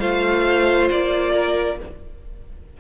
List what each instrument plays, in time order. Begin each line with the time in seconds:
0.00 cello A3, viola F4, violin C5 F5
0.91 cello A#3, violin D5
1.34 violin A#4